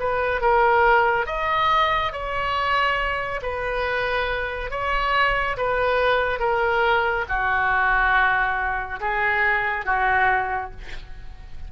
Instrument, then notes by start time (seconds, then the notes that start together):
oboe
0.00 B4
0.42 A#4
1.27 D#5
2.13 C#5
3.42 B4
4.71 C#5
5.58 B4
6.40 A#4
7.29 F#4
9.00 G#4
9.86 F#4